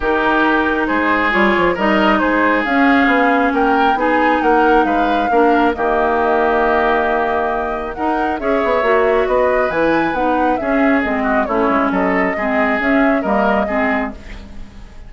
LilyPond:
<<
  \new Staff \with { instrumentName = "flute" } { \time 4/4 \tempo 4 = 136 ais'2 c''4 cis''4 | dis''4 c''4 f''2 | g''4 gis''4 fis''4 f''4~ | f''4 dis''2.~ |
dis''2 fis''4 e''4~ | e''4 dis''4 gis''4 fis''4 | e''4 dis''4 cis''4 dis''4~ | dis''4 e''4 dis''2 | }
  \new Staff \with { instrumentName = "oboe" } { \time 4/4 g'2 gis'2 | ais'4 gis'2. | ais'4 gis'4 ais'4 b'4 | ais'4 g'2.~ |
g'2 ais'4 cis''4~ | cis''4 b'2. | gis'4. fis'8 e'4 a'4 | gis'2 ais'4 gis'4 | }
  \new Staff \with { instrumentName = "clarinet" } { \time 4/4 dis'2. f'4 | dis'2 cis'2~ | cis'4 dis'2. | d'4 ais2.~ |
ais2 dis'4 gis'4 | fis'2 e'4 dis'4 | cis'4 c'4 cis'2 | c'4 cis'4 ais4 c'4 | }
  \new Staff \with { instrumentName = "bassoon" } { \time 4/4 dis2 gis4 g8 f8 | g4 gis4 cis'4 b4 | ais4 b4 ais4 gis4 | ais4 dis2.~ |
dis2 dis'4 cis'8 b8 | ais4 b4 e4 b4 | cis'4 gis4 a8 gis8 fis4 | gis4 cis'4 g4 gis4 | }
>>